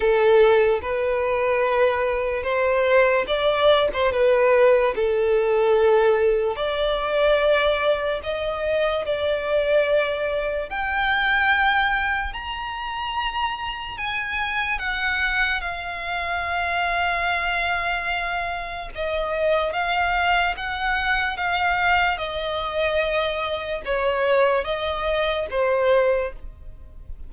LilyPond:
\new Staff \with { instrumentName = "violin" } { \time 4/4 \tempo 4 = 73 a'4 b'2 c''4 | d''8. c''16 b'4 a'2 | d''2 dis''4 d''4~ | d''4 g''2 ais''4~ |
ais''4 gis''4 fis''4 f''4~ | f''2. dis''4 | f''4 fis''4 f''4 dis''4~ | dis''4 cis''4 dis''4 c''4 | }